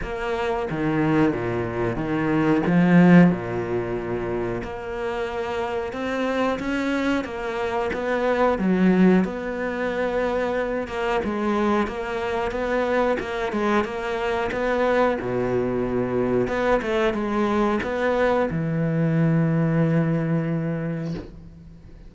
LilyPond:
\new Staff \with { instrumentName = "cello" } { \time 4/4 \tempo 4 = 91 ais4 dis4 ais,4 dis4 | f4 ais,2 ais4~ | ais4 c'4 cis'4 ais4 | b4 fis4 b2~ |
b8 ais8 gis4 ais4 b4 | ais8 gis8 ais4 b4 b,4~ | b,4 b8 a8 gis4 b4 | e1 | }